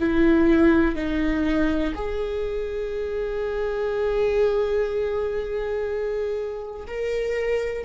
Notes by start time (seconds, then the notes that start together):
0.00 E4
0.96 D#4
1.95 G#4
6.88 A#4